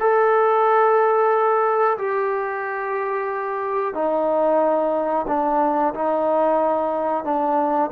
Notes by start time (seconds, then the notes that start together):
0.00 A4
1.98 G4
3.94 D#4
5.28 D4
5.94 D#4
7.25 D4